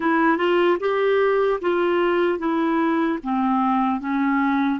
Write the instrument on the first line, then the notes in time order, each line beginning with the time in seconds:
clarinet
0.00 E4
0.37 F4
0.80 G4
1.61 F4
2.39 E4
3.23 C4
4.00 C#4